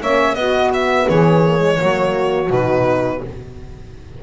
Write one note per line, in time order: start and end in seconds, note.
0.00 0.35 A#3
0.00 0.35 C#4
0.00 0.36 C#5
0.00 0.35 E5
0.35 1.06 B3
0.35 1.43 B3
0.35 1.08 F#4
0.35 0.70 D#5
0.73 1.09 E5
1.08 1.81 E3
1.08 1.78 G#4
1.08 2.51 C#5
1.43 1.58 A#3
1.58 1.76 G#3
1.77 2.50 F#3
1.77 2.49 A#3
1.77 3.21 F#4
2.49 3.21 B2
2.49 3.21 D#4
2.49 3.23 B4